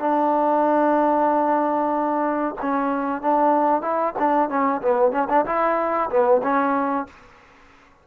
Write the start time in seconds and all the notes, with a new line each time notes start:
0.00 D4
2.62 C#4
3.22 D4
3.82 E4
4.19 D4
4.50 C#4
4.82 B3
5.12 C#4
5.30 D4
5.46 E4
6.10 B3
6.43 C#4